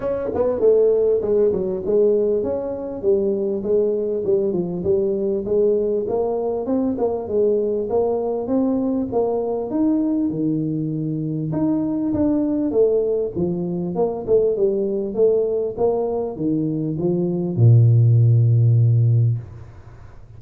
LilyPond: \new Staff \with { instrumentName = "tuba" } { \time 4/4 \tempo 4 = 99 cis'8 b8 a4 gis8 fis8 gis4 | cis'4 g4 gis4 g8 f8 | g4 gis4 ais4 c'8 ais8 | gis4 ais4 c'4 ais4 |
dis'4 dis2 dis'4 | d'4 a4 f4 ais8 a8 | g4 a4 ais4 dis4 | f4 ais,2. | }